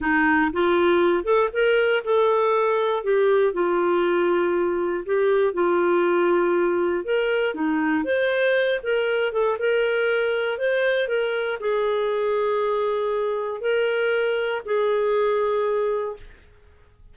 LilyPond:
\new Staff \with { instrumentName = "clarinet" } { \time 4/4 \tempo 4 = 119 dis'4 f'4. a'8 ais'4 | a'2 g'4 f'4~ | f'2 g'4 f'4~ | f'2 ais'4 dis'4 |
c''4. ais'4 a'8 ais'4~ | ais'4 c''4 ais'4 gis'4~ | gis'2. ais'4~ | ais'4 gis'2. | }